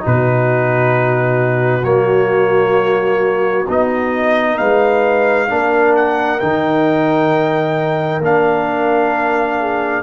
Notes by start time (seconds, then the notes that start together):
0.00 D#4 F#4 B4
0.06 B2
1.84 F#3 A#3 C#5
3.67 B3 D#4 D#5
4.58 G#3 B4 F5
5.48 A#3 D4 A#4
5.95 F#5
6.39 D#3 D#4 G5
8.20 A#3 D4 F5
9.59 G#4